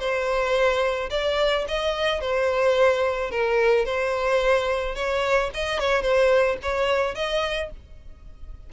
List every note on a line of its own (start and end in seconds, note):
0.00 1.10 C5
1.11 1.66 D5
1.69 2.21 D#5
2.21 3.31 C5
3.32 3.86 A#4
3.86 4.96 C5
4.96 5.51 C#5
5.54 5.80 D#5
5.80 6.03 C#5
6.03 6.58 C5
6.63 7.16 C#5
7.16 7.71 D#5